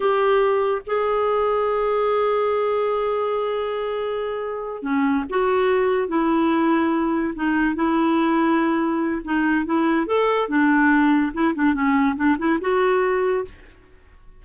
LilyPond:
\new Staff \with { instrumentName = "clarinet" } { \time 4/4 \tempo 4 = 143 g'2 gis'2~ | gis'1~ | gis'2.~ gis'8 cis'8~ | cis'8 fis'2 e'4.~ |
e'4. dis'4 e'4.~ | e'2 dis'4 e'4 | a'4 d'2 e'8 d'8 | cis'4 d'8 e'8 fis'2 | }